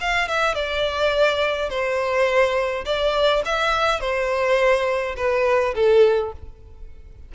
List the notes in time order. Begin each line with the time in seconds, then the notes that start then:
0.00 F5
0.28 E5
0.55 D5
1.69 C5
2.85 D5
3.45 E5
4.00 C5
5.16 B4
5.74 A4